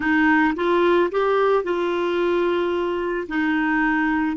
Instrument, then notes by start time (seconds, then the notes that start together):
clarinet
0.00 D#4
0.55 F4
1.11 G4
1.63 F4
3.28 D#4